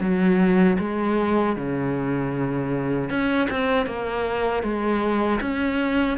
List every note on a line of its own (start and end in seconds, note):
0.00 0.77 F#3
0.79 1.56 G#3
1.56 3.09 C#3
3.09 3.48 C#4
3.49 3.86 C4
3.86 4.63 A#3
4.63 5.40 G#3
5.41 6.17 C#4